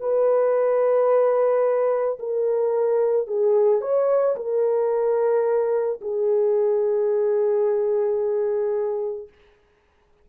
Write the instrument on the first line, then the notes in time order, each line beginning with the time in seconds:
horn
0.00 B4
2.19 A#4
3.27 G#4
3.81 C#5
4.36 A#4
6.01 G#4